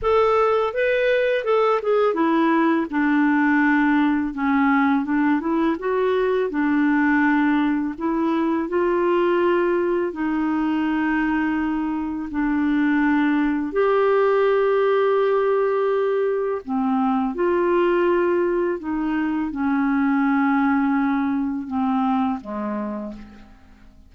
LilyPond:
\new Staff \with { instrumentName = "clarinet" } { \time 4/4 \tempo 4 = 83 a'4 b'4 a'8 gis'8 e'4 | d'2 cis'4 d'8 e'8 | fis'4 d'2 e'4 | f'2 dis'2~ |
dis'4 d'2 g'4~ | g'2. c'4 | f'2 dis'4 cis'4~ | cis'2 c'4 gis4 | }